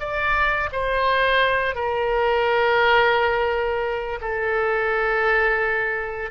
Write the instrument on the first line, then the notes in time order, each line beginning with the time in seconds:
oboe
0.00 D5
0.73 C5
1.75 A#4
4.21 A4